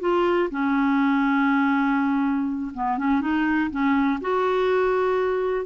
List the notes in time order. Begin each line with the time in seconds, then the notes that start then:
0.00 F4
0.50 C#4
2.74 B3
2.98 C#4
3.21 D#4
3.71 C#4
4.21 F#4